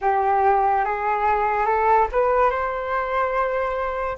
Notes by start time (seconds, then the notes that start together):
0.01 G4
0.84 G#4
1.66 A4
2.12 B4
2.50 C5